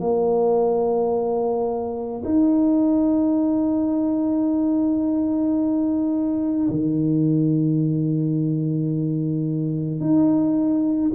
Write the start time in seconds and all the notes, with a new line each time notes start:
0.00 A#3
2.24 D#4
6.69 D#3
10.00 D#4